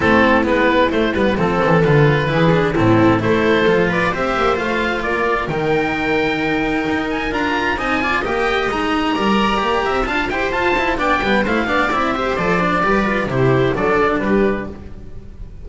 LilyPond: <<
  \new Staff \with { instrumentName = "oboe" } { \time 4/4 \tempo 4 = 131 a'4 b'4 c''8 b'8 a'4 | b'2 a'4 c''4~ | c''8 d''8 e''4 f''4 d''4 | g''2.~ g''8 gis''8 |
ais''4 gis''4 g''4 ais''4~ | ais''2 a''8 g''8 a''4 | g''4 f''4 e''4 d''4~ | d''4 c''4 d''4 b'4 | }
  \new Staff \with { instrumentName = "viola" } { \time 4/4 e'2. a'4~ | a'4 gis'4 e'4 a'4~ | a'8 b'8 c''2 ais'4~ | ais'1~ |
ais'4 dis''8 d''8 dis''2 | d''4. e''8 f''8 c''4. | d''8 b'8 c''8 d''4 c''4. | b'4 g'4 a'4 g'4 | }
  \new Staff \with { instrumentName = "cello" } { \time 4/4 c'4 b4 a8 b8 c'4 | f'4 e'8 d'8 c'4 e'4 | f'4 g'4 f'2 | dis'1 |
f'4 dis'8 f'8 g'4 dis'4 | ais'4 g'4 f'8 g'8 f'8 e'8 | d'8 b8 e'8 d'8 e'8 g'8 a'8 d'8 | g'8 f'8 e'4 d'2 | }
  \new Staff \with { instrumentName = "double bass" } { \time 4/4 a4 gis4 a8 g8 f8 e8 | d4 e4 a,4 a4 | f4 c'8 ais8 a4 ais4 | dis2. dis'4 |
d'4 c'4 ais4 gis4 | g4 ais8 c'8 d'8 e'8 f'4 | b8 g8 a8 b8 c'4 f4 | g4 c4 fis4 g4 | }
>>